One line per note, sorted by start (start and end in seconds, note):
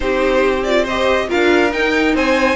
0.00 1.29 C4
0.00 0.64 D#4
0.00 0.82 G4
0.00 0.63 C5
0.63 0.87 F4
0.63 0.85 D5
0.82 1.25 C5
0.82 1.30 D#5
0.89 1.27 G4
1.27 1.72 D4
1.27 1.70 F4
1.27 2.15 A#4
1.27 1.73 F5
1.71 2.55 D#4
1.71 2.14 D#4
1.71 2.15 G5
2.14 2.55 C4
2.14 2.55 C5
2.14 2.55 G#5